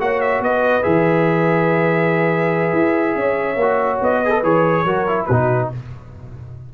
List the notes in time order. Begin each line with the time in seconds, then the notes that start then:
0.00 A#3 F#4 C#5 F#5
0.21 E5
0.40 B3 B4 D#5
0.83 E3 G#4 E5
2.73 E4
3.15 C#4 C#5
3.56 A#3 F#4
4.02 B3 D#5
4.23 G#4 B4
4.31 A4
4.43 E3 G#4 C#5
4.85 F#3 F#4 A#4
5.08 E4
5.26 B2 D#4 F#4 B4